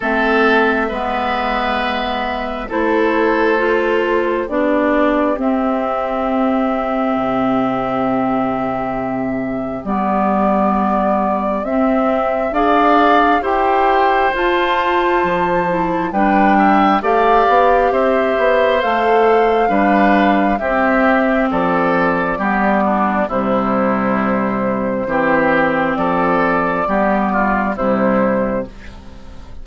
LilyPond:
<<
  \new Staff \with { instrumentName = "flute" } { \time 4/4 \tempo 4 = 67 e''2. c''4~ | c''4 d''4 e''2~ | e''2. d''4~ | d''4 e''4 f''4 g''4 |
a''2 g''4 f''4 | e''4 f''2 e''4 | d''2 c''2~ | c''4 d''2 c''4 | }
  \new Staff \with { instrumentName = "oboe" } { \time 4/4 a'4 b'2 a'4~ | a'4 g'2.~ | g'1~ | g'2 d''4 c''4~ |
c''2 b'8 e''8 d''4 | c''2 b'4 g'4 | a'4 g'8 d'8 e'2 | g'4 a'4 g'8 f'8 e'4 | }
  \new Staff \with { instrumentName = "clarinet" } { \time 4/4 c'4 b2 e'4 | f'4 d'4 c'2~ | c'2. b4~ | b4 c'4 gis'4 g'4 |
f'4. e'8 d'4 g'4~ | g'4 a'4 d'4 c'4~ | c'4 b4 g2 | c'2 b4 g4 | }
  \new Staff \with { instrumentName = "bassoon" } { \time 4/4 a4 gis2 a4~ | a4 b4 c'2 | c2. g4~ | g4 c'4 d'4 e'4 |
f'4 f4 g4 a8 b8 | c'8 b8 a4 g4 c'4 | f4 g4 c2 | e4 f4 g4 c4 | }
>>